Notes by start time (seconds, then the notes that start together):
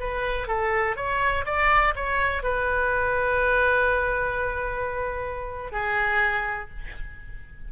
0.00 B4
0.47 A4
0.96 C#5
1.45 D5
1.96 C#5
2.43 B4
5.72 G#4